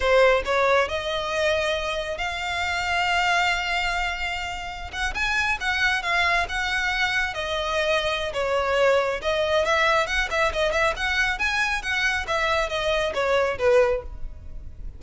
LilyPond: \new Staff \with { instrumentName = "violin" } { \time 4/4 \tempo 4 = 137 c''4 cis''4 dis''2~ | dis''4 f''2.~ | f''2.~ f''16 fis''8 gis''16~ | gis''8. fis''4 f''4 fis''4~ fis''16~ |
fis''8. dis''2~ dis''16 cis''4~ | cis''4 dis''4 e''4 fis''8 e''8 | dis''8 e''8 fis''4 gis''4 fis''4 | e''4 dis''4 cis''4 b'4 | }